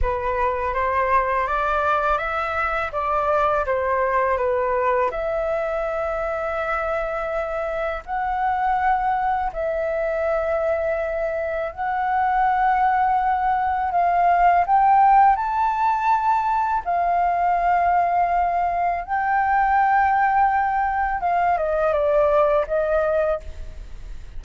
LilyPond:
\new Staff \with { instrumentName = "flute" } { \time 4/4 \tempo 4 = 82 b'4 c''4 d''4 e''4 | d''4 c''4 b'4 e''4~ | e''2. fis''4~ | fis''4 e''2. |
fis''2. f''4 | g''4 a''2 f''4~ | f''2 g''2~ | g''4 f''8 dis''8 d''4 dis''4 | }